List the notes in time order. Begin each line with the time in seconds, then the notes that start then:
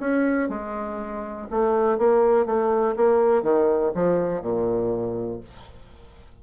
0.00 C#4
0.49 G#3
1.50 A3
1.98 A#3
2.45 A3
2.96 A#3
3.42 D#3
3.94 F3
4.42 A#2